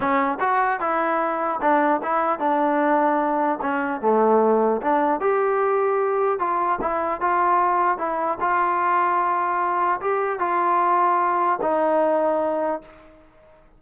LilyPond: \new Staff \with { instrumentName = "trombone" } { \time 4/4 \tempo 4 = 150 cis'4 fis'4 e'2 | d'4 e'4 d'2~ | d'4 cis'4 a2 | d'4 g'2. |
f'4 e'4 f'2 | e'4 f'2.~ | f'4 g'4 f'2~ | f'4 dis'2. | }